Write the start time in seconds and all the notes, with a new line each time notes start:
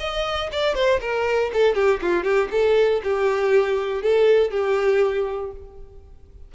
0.00 D#5
0.52 D5
0.75 C5
1.01 A#4
1.53 A4
1.75 G4
2.02 F4
2.24 G4
2.52 A4
3.04 G4
4.03 A4
4.51 G4